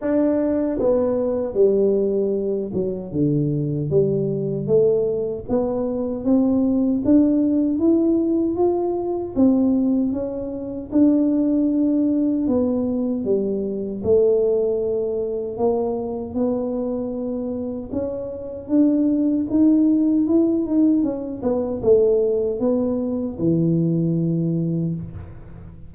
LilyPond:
\new Staff \with { instrumentName = "tuba" } { \time 4/4 \tempo 4 = 77 d'4 b4 g4. fis8 | d4 g4 a4 b4 | c'4 d'4 e'4 f'4 | c'4 cis'4 d'2 |
b4 g4 a2 | ais4 b2 cis'4 | d'4 dis'4 e'8 dis'8 cis'8 b8 | a4 b4 e2 | }